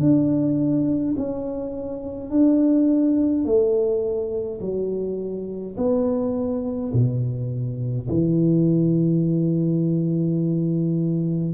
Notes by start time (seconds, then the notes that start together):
0.00 D4
1.17 C#4
2.31 D4
3.45 A3
4.61 F#3
5.77 B3
6.93 B2
8.09 E3